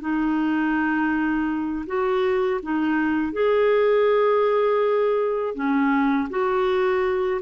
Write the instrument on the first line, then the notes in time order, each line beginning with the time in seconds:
clarinet
0.00 D#4
1.86 F#4
2.62 D#4
3.32 G#4
5.54 C#4
6.30 F#4